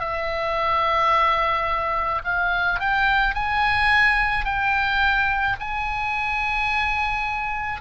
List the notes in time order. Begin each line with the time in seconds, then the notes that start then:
0.00 E5
2.25 F5
2.80 G5
3.35 G#5
4.45 G5
5.61 G#5